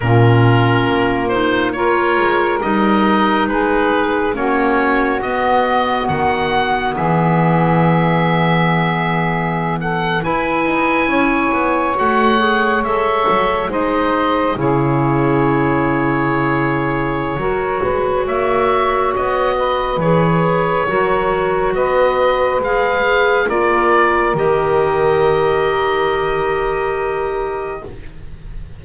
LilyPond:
<<
  \new Staff \with { instrumentName = "oboe" } { \time 4/4 \tempo 4 = 69 ais'4. c''8 cis''4 dis''4 | b'4 cis''4 dis''4 fis''4 | e''2.~ e''16 fis''8 gis''16~ | gis''4.~ gis''16 fis''4 e''4 dis''16~ |
dis''8. cis''2.~ cis''16~ | cis''4 e''4 dis''4 cis''4~ | cis''4 dis''4 f''4 d''4 | dis''1 | }
  \new Staff \with { instrumentName = "saxophone" } { \time 4/4 f'2 ais'2 | gis'4 fis'2. | gis'2.~ gis'16 a'8 b'16~ | b'8. cis''2. c''16~ |
c''8. gis'2.~ gis'16 | ais'8 b'8 cis''4. b'4. | ais'4 b'2 ais'4~ | ais'1 | }
  \new Staff \with { instrumentName = "clarinet" } { \time 4/4 cis'4. dis'8 f'4 dis'4~ | dis'4 cis'4 b2~ | b2.~ b8. e'16~ | e'4.~ e'16 fis'8 gis'8 a'4 dis'16~ |
dis'8. e'2.~ e'16 | fis'2. gis'4 | fis'2 gis'4 f'4 | g'1 | }
  \new Staff \with { instrumentName = "double bass" } { \time 4/4 ais,4 ais4. gis8 g4 | gis4 ais4 b4 dis4 | e2.~ e8. e'16~ | e'16 dis'8 cis'8 b8 a4 gis8 fis8 gis16~ |
gis8. cis2.~ cis16 | fis8 gis8 ais4 b4 e4 | fis4 b4 gis4 ais4 | dis1 | }
>>